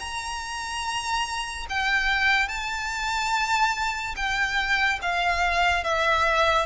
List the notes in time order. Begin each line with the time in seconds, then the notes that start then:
0.00 A#5
1.70 G5
2.49 A5
4.17 G5
5.02 F5
5.84 E5